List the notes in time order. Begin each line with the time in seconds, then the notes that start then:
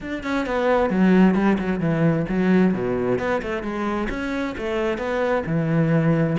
0.00 D4
0.23 C#4
0.45 B3
0.90 F#3
1.34 G3
1.58 F#3
1.80 E3
2.28 F#3
2.73 B2
3.18 B3
3.42 A3
3.62 G#3
4.09 C#4
4.57 A3
4.98 B3
5.45 E3